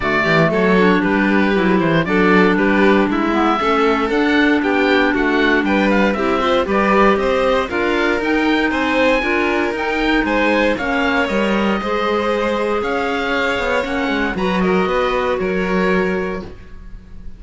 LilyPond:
<<
  \new Staff \with { instrumentName = "oboe" } { \time 4/4 \tempo 4 = 117 d''4 cis''4 b'4. c''8 | d''4 b'4 e''2 | fis''4 g''4 fis''4 g''8 f''8 | e''4 d''4 dis''4 f''4 |
g''4 gis''2 g''4 | gis''4 f''4 dis''2~ | dis''4 f''2 fis''4 | ais''8 dis''4. cis''2 | }
  \new Staff \with { instrumentName = "violin" } { \time 4/4 fis'8 g'8 a'4 g'2 | a'4 g'4 e'4 a'4~ | a'4 g'4 fis'4 b'4 | g'8 c''8 b'4 c''4 ais'4~ |
ais'4 c''4 ais'2 | c''4 cis''2 c''4~ | c''4 cis''2. | b'8 ais'8 b'4 ais'2 | }
  \new Staff \with { instrumentName = "clarinet" } { \time 4/4 a4. d'4. e'4 | d'2~ d'8 b8 cis'4 | d'1 | e'8 f'8 g'2 f'4 |
dis'2 f'4 dis'4~ | dis'4 cis'4 ais'4 gis'4~ | gis'2. cis'4 | fis'1 | }
  \new Staff \with { instrumentName = "cello" } { \time 4/4 d8 e8 fis4 g4 fis8 e8 | fis4 g4 gis4 a4 | d'4 b4 a4 g4 | c'4 g4 c'4 d'4 |
dis'4 c'4 d'4 dis'4 | gis4 ais4 g4 gis4~ | gis4 cis'4. b8 ais8 gis8 | fis4 b4 fis2 | }
>>